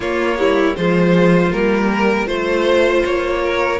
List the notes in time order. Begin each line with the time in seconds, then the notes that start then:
0.00 A#3 F4 C#5
0.37 G3 E4
0.76 F3 G#3 F4 C5
1.51 G3 A#3 A#4
1.91 A#4
2.26 A3 F4 C5
3.04 A#3 C#5
3.43 A#4